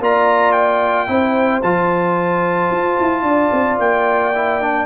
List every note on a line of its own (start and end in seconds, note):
0.00 1.08 A#3
0.00 1.08 F4
0.00 1.10 D5
0.00 0.52 A#5
0.52 1.61 G5
1.08 1.63 C4
1.08 1.62 E4
1.08 3.25 C5
1.63 2.71 F3
1.63 4.34 F4
1.63 3.79 A5
2.71 2.98 F4
3.01 3.23 E4
3.23 3.50 D4
3.23 4.86 D5
3.52 3.79 C4
3.79 4.86 A#3
3.79 4.86 G5
4.36 4.62 E4
4.62 4.86 D4